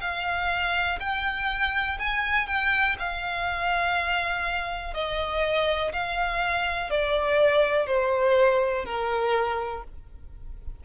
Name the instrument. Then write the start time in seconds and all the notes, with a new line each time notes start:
violin
0.00 F5
0.99 G5
1.99 G#5
2.47 G5
2.99 F5
4.94 D#5
5.92 F5
6.89 D5
7.86 C5
8.84 A#4